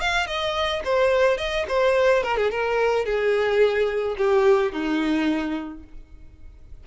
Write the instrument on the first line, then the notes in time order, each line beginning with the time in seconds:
violin
0.00 F5
0.26 D#5
0.84 C5
1.37 D#5
1.68 C5
2.23 A#4
2.36 G#4
2.51 A#4
3.05 G#4
4.17 G4
4.72 D#4